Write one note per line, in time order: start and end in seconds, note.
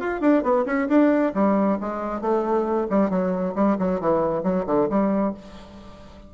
0.00 0.21 F4
0.21 0.43 D4
0.43 0.66 B3
0.66 0.88 C#4
0.89 1.33 D4
1.35 1.79 G3
1.81 2.21 G#3
2.21 2.88 A3
2.90 3.11 G3
3.11 3.55 F#3
3.55 3.78 G3
3.79 4.01 F#3
4.01 4.43 E3
4.43 4.66 F#3
4.66 4.89 D3
4.90 5.34 G3